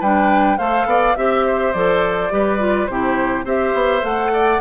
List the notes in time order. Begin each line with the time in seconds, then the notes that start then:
0.00 G3 D4 B4 G5
0.58 A3 A4 C5 F5
0.85 B3 D5
1.15 C4 G4 E5
1.46 C5
1.72 F3 A4 D5
2.30 G3 G4 B4
2.59 F4
2.86 C3 E4 G4 C5
3.44 C4 G4 C5 E5
3.74 B3
4.01 A3 A4 F#5
4.33 D5